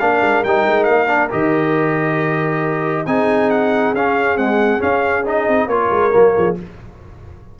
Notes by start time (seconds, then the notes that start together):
0.00 A#3 D4 A#4 F5
0.22 G#3
0.44 G3 D#4 G5
0.67 G#3
0.84 A#3 F5
1.08 D4
1.30 D#3 G4 D#5
3.06 C4 D#4 G#4 G#5
3.51 F#5
3.94 C#4 F5
4.37 G#3 C4 F#5
4.79 C#4 F5
5.26 D#4 D#5
5.48 C4
5.67 A#3 F4 A#4 C#5
5.91 G#3
6.12 F#3 A#3
6.36 F3 G#4